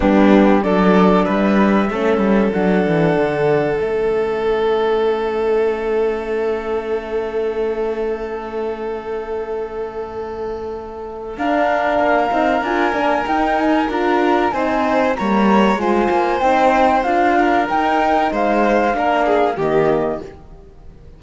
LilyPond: <<
  \new Staff \with { instrumentName = "flute" } { \time 4/4 \tempo 4 = 95 g'4 d''4 e''2 | fis''2 e''2~ | e''1~ | e''1~ |
e''2 f''2 | gis''4 g''8 gis''8 ais''4 gis''4 | ais''4 gis''4 g''4 f''4 | g''4 f''2 dis''4 | }
  \new Staff \with { instrumentName = "violin" } { \time 4/4 d'4 a'4 b'4 a'4~ | a'1~ | a'1~ | a'1~ |
a'2 ais'2~ | ais'2. c''4 | cis''4 c''2~ c''8 ais'8~ | ais'4 c''4 ais'8 gis'8 g'4 | }
  \new Staff \with { instrumentName = "horn" } { \time 4/4 b4 d'2 cis'4 | d'2 cis'2~ | cis'1~ | cis'1~ |
cis'2 d'4. dis'8 | f'8 d'8 dis'4 f'4 dis'4 | ais4 f'4 dis'4 f'4 | dis'2 d'4 ais4 | }
  \new Staff \with { instrumentName = "cello" } { \time 4/4 g4 fis4 g4 a8 g8 | fis8 e8 d4 a2~ | a1~ | a1~ |
a2 d'4 ais8 c'8 | d'8 ais8 dis'4 d'4 c'4 | g4 gis8 ais8 c'4 d'4 | dis'4 gis4 ais4 dis4 | }
>>